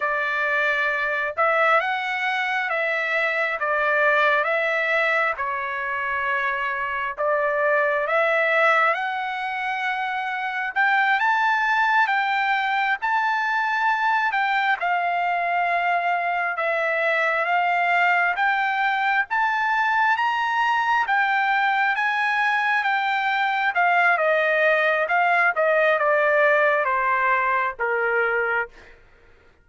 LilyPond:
\new Staff \with { instrumentName = "trumpet" } { \time 4/4 \tempo 4 = 67 d''4. e''8 fis''4 e''4 | d''4 e''4 cis''2 | d''4 e''4 fis''2 | g''8 a''4 g''4 a''4. |
g''8 f''2 e''4 f''8~ | f''8 g''4 a''4 ais''4 g''8~ | g''8 gis''4 g''4 f''8 dis''4 | f''8 dis''8 d''4 c''4 ais'4 | }